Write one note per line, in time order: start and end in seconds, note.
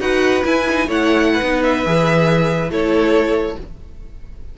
0.00 0.44 D#4
0.00 0.43 F#4
0.00 0.87 B4
0.00 0.44 F#5
0.45 0.66 E4
0.45 0.87 E4
0.45 0.89 G#5
0.70 0.90 D#4
0.87 1.41 A3
0.87 1.43 E4
0.87 1.30 C#5
0.87 1.63 F#5
1.33 2.71 B4
1.42 1.85 B3
1.42 1.86 D#4
1.63 2.71 E5
1.86 2.70 E3
1.86 2.71 G#4
2.70 3.56 A3
2.70 3.57 E4
2.70 3.57 A4
2.70 3.58 C#5